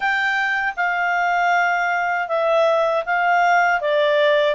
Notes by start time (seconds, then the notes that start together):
0.00 G5
0.76 F5
2.28 E5
3.05 F5
3.80 D5